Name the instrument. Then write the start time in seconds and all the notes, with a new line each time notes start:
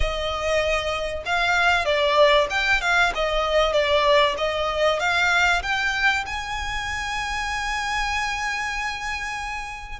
violin
0.00 D#5
1.25 F5
1.85 D5
2.49 G5
2.81 F5
3.14 D#5
3.72 D5
4.37 D#5
4.99 F5
5.62 G5
6.26 G#5